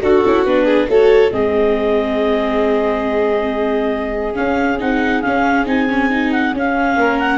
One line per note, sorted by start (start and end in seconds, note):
0.00 0.24 D4
0.00 0.22 F#4
0.00 0.65 F#4
0.00 0.44 A4
0.26 0.45 C#4
0.26 0.46 E4
0.44 0.88 B3
0.44 0.89 D4
0.44 0.88 B4
0.65 0.87 G#4
0.88 1.31 A3
0.88 1.30 F#4
0.88 1.33 A4
0.88 1.32 C#5
1.30 4.36 G#3
1.30 4.34 C4
1.30 6.98 G#4
1.30 4.35 D#5
4.34 4.77 C#4
4.34 4.81 C#4
4.34 4.78 F5
4.80 5.24 C4
4.80 5.23 D#4
4.80 5.22 F#5
5.22 5.66 C#4
5.22 5.65 F5
5.66 6.53 C4
5.66 5.87 D#4
5.66 6.32 G#5
5.90 6.10 C#4
6.10 6.53 D#4
6.32 6.54 F#5
6.53 6.96 C#4
6.53 7.38 C#4
6.53 7.19 F5
6.96 7.38 A#3
6.96 7.38 A#4
7.19 7.38 F#5